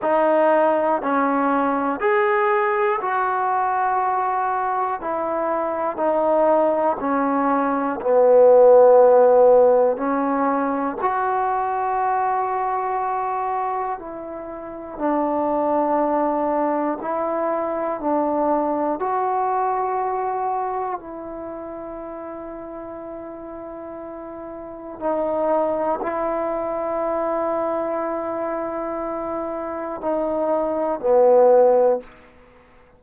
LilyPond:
\new Staff \with { instrumentName = "trombone" } { \time 4/4 \tempo 4 = 60 dis'4 cis'4 gis'4 fis'4~ | fis'4 e'4 dis'4 cis'4 | b2 cis'4 fis'4~ | fis'2 e'4 d'4~ |
d'4 e'4 d'4 fis'4~ | fis'4 e'2.~ | e'4 dis'4 e'2~ | e'2 dis'4 b4 | }